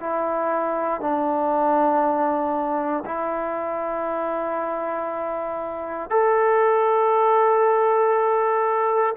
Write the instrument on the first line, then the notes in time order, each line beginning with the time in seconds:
trombone
0.00 E4
1.00 D4
3.05 E4
6.10 A4